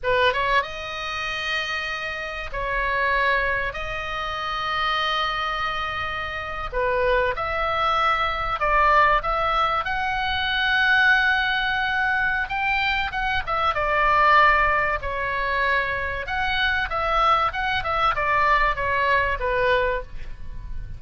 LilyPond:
\new Staff \with { instrumentName = "oboe" } { \time 4/4 \tempo 4 = 96 b'8 cis''8 dis''2. | cis''2 dis''2~ | dis''2~ dis''8. b'4 e''16~ | e''4.~ e''16 d''4 e''4 fis''16~ |
fis''1 | g''4 fis''8 e''8 d''2 | cis''2 fis''4 e''4 | fis''8 e''8 d''4 cis''4 b'4 | }